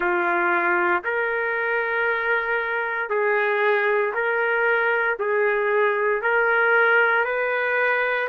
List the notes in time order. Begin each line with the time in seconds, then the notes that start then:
0.00 F4
1.03 A#4
3.09 G#4
4.14 A#4
5.19 G#4
6.22 A#4
7.24 B4